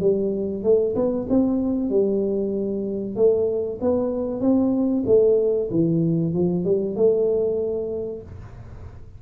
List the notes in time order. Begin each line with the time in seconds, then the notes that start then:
0.00 G3
0.63 A3
0.95 B3
1.29 C4
1.89 G3
3.16 A3
3.81 B3
4.40 C4
5.06 A3
5.70 E3
6.33 F3
6.64 G3
6.96 A3